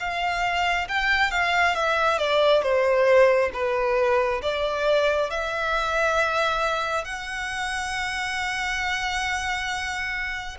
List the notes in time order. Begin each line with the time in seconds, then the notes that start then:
0.00 F5
0.89 G5
1.31 F5
1.75 E5
2.18 D5
2.63 C5
3.53 B4
4.42 D5
5.30 E5
7.05 F#5